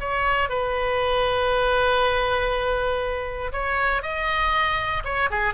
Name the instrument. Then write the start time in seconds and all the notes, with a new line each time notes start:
oboe
0.00 C#5
0.49 B4
3.52 C#5
4.02 D#5
5.04 C#5
5.30 G#4